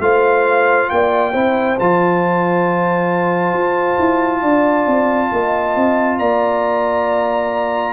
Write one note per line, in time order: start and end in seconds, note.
0.00 0.88 A3
0.00 1.33 F4
0.00 0.91 C5
0.00 0.90 F5
0.90 1.34 A#3
0.90 1.33 D5
0.90 1.78 G5
1.33 1.78 C4
1.33 1.77 E4
1.33 4.41 C5
1.79 3.53 F3
1.79 7.93 F4
1.79 6.19 A5
3.53 3.98 F4
3.99 4.43 E4
4.42 4.87 D4
4.42 5.30 D5
4.87 5.31 C4
5.32 5.76 A#3
5.32 6.19 D#5
5.76 6.20 C4
6.19 7.93 A#3
6.19 7.93 D5
6.19 7.93 A#5